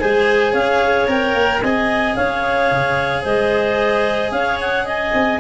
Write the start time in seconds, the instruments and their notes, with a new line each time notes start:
0.00 tuba G#3, cello G#4, clarinet C5 G#5
0.53 tuba C#4, clarinet C#5 F5
1.07 tuba C4, cello A#4, clarinet G5
1.34 tuba A#3
1.62 tuba C4, cello G#4, clarinet D#5 G#5
2.16 tuba C#4, clarinet C#5 F5
2.71 tuba C#3
3.23 tuba G#3, clarinet C5 D#5
4.32 tuba C#4, clarinet C#5 F5
4.61 clarinet F#5
4.86 clarinet D#5 G#5
5.14 tuba C4